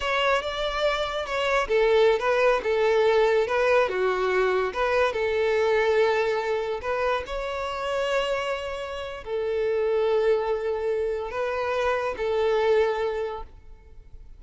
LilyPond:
\new Staff \with { instrumentName = "violin" } { \time 4/4 \tempo 4 = 143 cis''4 d''2 cis''4 | a'4~ a'16 b'4 a'4.~ a'16~ | a'16 b'4 fis'2 b'8.~ | b'16 a'2.~ a'8.~ |
a'16 b'4 cis''2~ cis''8.~ | cis''2 a'2~ | a'2. b'4~ | b'4 a'2. | }